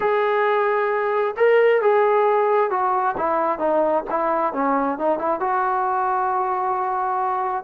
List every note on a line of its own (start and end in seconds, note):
0.00 1.35 G#4
1.36 1.81 A#4
1.81 2.70 G#4
2.70 3.15 F#4
3.17 3.58 E4
3.58 4.03 D#4
4.09 4.53 E4
4.53 4.98 C#4
4.98 5.18 D#4
5.18 5.40 E4
5.40 7.64 F#4